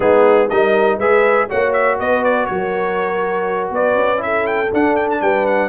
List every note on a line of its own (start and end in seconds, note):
0.00 0.50 G#3
0.00 0.50 B3
0.00 0.50 D#4
0.00 0.49 G#4
0.49 0.98 G3
0.49 1.00 D#4
0.49 0.98 A#4
0.49 0.99 D#5
0.98 1.47 G#3
0.98 1.49 G#4
0.98 1.47 B4
0.98 1.49 E5
1.49 1.99 A#3
1.49 4.17 F#4
1.49 1.98 C#5
1.49 1.72 F#5
1.72 1.97 E5
1.99 2.49 B3
1.99 2.50 B4
1.99 2.24 D#5
2.24 2.46 D5
2.46 3.70 F#3
2.46 3.70 C#5
2.52 3.73 A#4
3.70 3.94 B3
3.70 4.23 B4
3.70 4.22 D5
3.94 4.69 C#4
4.17 4.66 E4
4.17 4.46 E5
4.24 5.22 A4
4.46 4.71 G5
4.73 5.21 D4
4.73 5.69 D4
4.73 4.96 F#5
4.96 5.08 G5
5.10 5.21 A5
5.21 5.69 G3
5.21 5.69 B4
5.21 5.46 G5
5.46 5.69 F#5